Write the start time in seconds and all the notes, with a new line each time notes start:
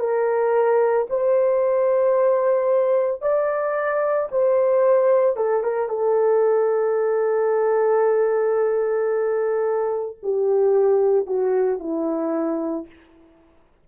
0.00 A#4
1.10 C5
3.22 D5
4.31 C5
5.37 A4
5.63 A#4
5.89 A4
10.23 G4
11.26 F#4
11.80 E4